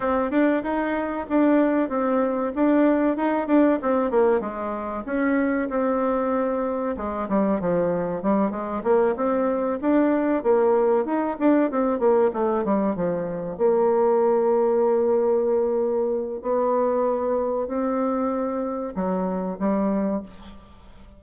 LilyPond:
\new Staff \with { instrumentName = "bassoon" } { \time 4/4 \tempo 4 = 95 c'8 d'8 dis'4 d'4 c'4 | d'4 dis'8 d'8 c'8 ais8 gis4 | cis'4 c'2 gis8 g8 | f4 g8 gis8 ais8 c'4 d'8~ |
d'8 ais4 dis'8 d'8 c'8 ais8 a8 | g8 f4 ais2~ ais8~ | ais2 b2 | c'2 fis4 g4 | }